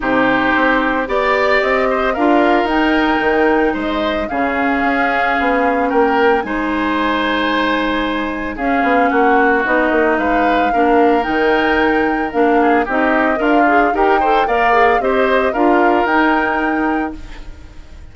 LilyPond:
<<
  \new Staff \with { instrumentName = "flute" } { \time 4/4 \tempo 4 = 112 c''2 d''4 dis''4 | f''4 g''2 dis''4 | f''2. g''4 | gis''1 |
f''4 fis''4 dis''4 f''4~ | f''4 g''2 f''4 | dis''4 f''4 g''4 f''4 | dis''4 f''4 g''2 | }
  \new Staff \with { instrumentName = "oboe" } { \time 4/4 g'2 d''4. c''8 | ais'2. c''4 | gis'2. ais'4 | c''1 |
gis'4 fis'2 b'4 | ais'2.~ ais'8 gis'8 | g'4 f'4 ais'8 c''8 d''4 | c''4 ais'2. | }
  \new Staff \with { instrumentName = "clarinet" } { \time 4/4 dis'2 g'2 | f'4 dis'2. | cis'1 | dis'1 |
cis'2 dis'2 | d'4 dis'2 d'4 | dis'4 ais'8 gis'8 g'8 a'8 ais'8 gis'8 | g'4 f'4 dis'2 | }
  \new Staff \with { instrumentName = "bassoon" } { \time 4/4 c4 c'4 b4 c'4 | d'4 dis'4 dis4 gis4 | cis4 cis'4 b4 ais4 | gis1 |
cis'8 b8 ais4 b8 ais8 gis4 | ais4 dis2 ais4 | c'4 d'4 dis'4 ais4 | c'4 d'4 dis'2 | }
>>